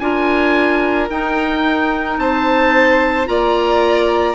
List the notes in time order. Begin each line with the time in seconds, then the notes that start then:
0.00 D4 F4 A#4 G#5
1.09 D#4 G5
2.19 C4 C5 A5
3.26 A#3 F4 D5 A#5